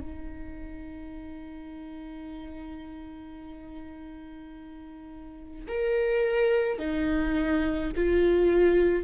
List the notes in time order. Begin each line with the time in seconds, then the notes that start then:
0.00 D#4
5.68 A#4
6.78 D#4
7.96 F4